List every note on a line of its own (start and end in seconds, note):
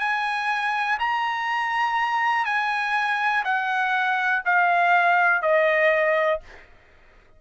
0.00 0.98 G#5
1.00 2.45 A#5
2.45 3.44 G#5
3.45 4.43 F#5
4.46 5.42 F5
5.42 6.41 D#5